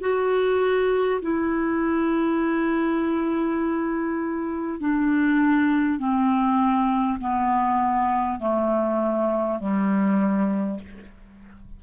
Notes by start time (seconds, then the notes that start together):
0.00 F#4
1.21 E4
4.80 D4
5.98 C4
7.19 B3
8.39 A3
9.59 G3